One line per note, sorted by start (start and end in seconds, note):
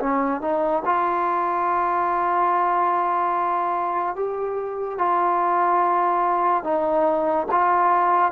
0.00 0.41 C#4
0.41 0.83 D#4
0.85 4.16 F4
4.16 4.99 G4
4.99 6.64 F4
6.64 7.47 D#4
7.51 8.32 F4